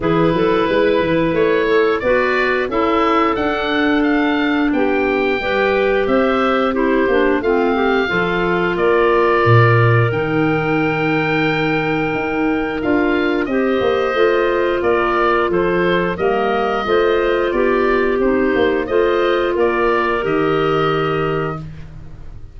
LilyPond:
<<
  \new Staff \with { instrumentName = "oboe" } { \time 4/4 \tempo 4 = 89 b'2 cis''4 d''4 | e''4 fis''4 f''4 g''4~ | g''4 e''4 c''4 f''4~ | f''4 d''2 g''4~ |
g''2. f''4 | dis''2 d''4 c''4 | dis''2 d''4 c''4 | dis''4 d''4 dis''2 | }
  \new Staff \with { instrumentName = "clarinet" } { \time 4/4 gis'8 a'8 b'4. a'8 b'4 | a'2. g'4 | b'4 c''4 g'4 f'8 g'8 | a'4 ais'2.~ |
ais'1 | c''2 ais'4 a'4 | ais'4 c''4 g'2 | c''4 ais'2. | }
  \new Staff \with { instrumentName = "clarinet" } { \time 4/4 e'2. fis'4 | e'4 d'2. | g'2 e'8 d'8 c'4 | f'2. dis'4~ |
dis'2. f'4 | g'4 f'2. | ais4 f'2 dis'4 | f'2 g'2 | }
  \new Staff \with { instrumentName = "tuba" } { \time 4/4 e8 fis8 gis8 e8 a4 b4 | cis'4 d'2 b4 | g4 c'4. ais8 a4 | f4 ais4 ais,4 dis4~ |
dis2 dis'4 d'4 | c'8 ais8 a4 ais4 f4 | g4 a4 b4 c'8 ais8 | a4 ais4 dis2 | }
>>